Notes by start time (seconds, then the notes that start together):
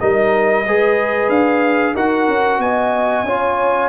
0.00 G3 D#4 A#4 D#5
0.66 G#3 G#4 B4
1.29 D4 F5
1.95 D#4 F#4 A#4 F#5
2.29 C#4
2.59 B3 D#5 G#5
3.24 C#4 F4 C#5